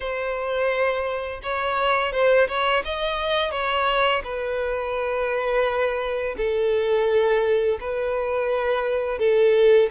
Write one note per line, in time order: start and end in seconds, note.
0.00 1.41 C5
1.42 2.12 C#5
2.12 2.47 C5
2.48 2.83 C#5
2.85 3.51 D#5
3.51 4.22 C#5
4.24 6.35 B4
6.37 7.78 A4
7.80 9.19 B4
9.19 9.89 A4